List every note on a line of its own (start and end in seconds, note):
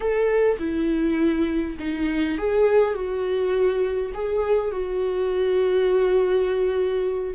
0.00 0.57 A4
0.59 1.76 E4
1.79 2.37 D#4
2.38 2.94 G#4
2.94 4.12 F#4
4.14 4.71 G#4
4.71 7.34 F#4